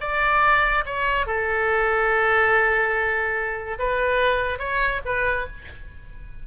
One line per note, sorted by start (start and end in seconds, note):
0.00 0.84 D5
0.85 1.26 C#5
1.26 3.78 A4
3.79 4.59 B4
4.59 5.01 C#5
5.05 5.47 B4